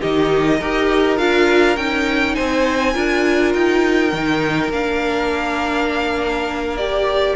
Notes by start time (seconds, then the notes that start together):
0.00 D#3 D#4 G4 D#5
0.59 D#4 G4 A#4
1.17 D4 F4 F5
1.76 C#4 D#4 G5
2.34 C4 C5 G#5
2.93 D4 F4 A#4
3.53 D#4 G5
4.12 D#3 D#4
4.69 A#3 D4 F5
6.76 G4 D5